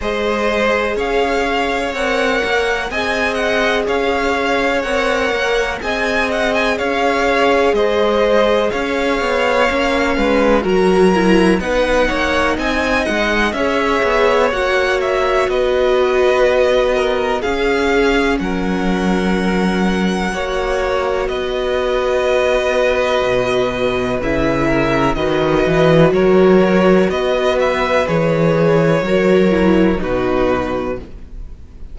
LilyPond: <<
  \new Staff \with { instrumentName = "violin" } { \time 4/4 \tempo 4 = 62 dis''4 f''4 fis''4 gis''8 fis''8 | f''4 fis''4 gis''8 fis''16 gis''16 f''4 | dis''4 f''2 ais''4 | fis''4 gis''8 fis''8 e''4 fis''8 e''8 |
dis''2 f''4 fis''4~ | fis''2 dis''2~ | dis''4 e''4 dis''4 cis''4 | dis''8 e''8 cis''2 b'4 | }
  \new Staff \with { instrumentName = "violin" } { \time 4/4 c''4 cis''2 dis''4 | cis''2 dis''4 cis''4 | c''4 cis''4. b'8 ais'4 | b'8 cis''8 dis''4 cis''2 |
b'4. ais'8 gis'4 ais'4~ | ais'4 cis''4 b'2~ | b'4. ais'8 b'4 ais'4 | b'2 ais'4 fis'4 | }
  \new Staff \with { instrumentName = "viola" } { \time 4/4 gis'2 ais'4 gis'4~ | gis'4 ais'4 gis'2~ | gis'2 cis'4 fis'8 e'8 | dis'2 gis'4 fis'4~ |
fis'2 cis'2~ | cis'4 fis'2.~ | fis'4 e'4 fis'2~ | fis'4 gis'4 fis'8 e'8 dis'4 | }
  \new Staff \with { instrumentName = "cello" } { \time 4/4 gis4 cis'4 c'8 ais8 c'4 | cis'4 c'8 ais8 c'4 cis'4 | gis4 cis'8 b8 ais8 gis8 fis4 | b8 ais8 c'8 gis8 cis'8 b8 ais4 |
b2 cis'4 fis4~ | fis4 ais4 b2 | b,4 cis4 dis8 e8 fis4 | b4 e4 fis4 b,4 | }
>>